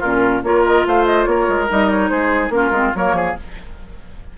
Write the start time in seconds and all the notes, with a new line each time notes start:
0.00 A#2 C#4 F4 A#4
0.44 A#3 F4 A#4 C#5
0.66 D#5
0.87 A3 C5 F5
1.06 D#5
1.25 A#3 A#4 C#5
1.49 G#3
1.69 G3 D#4 D#5
1.91 C#5
2.09 G#3 G#4 C5
2.50 A#3 C#4 F4 A#4
2.71 G#3 C4
2.95 F#3 A#3 A#4 C#5
3.13 F3 G#4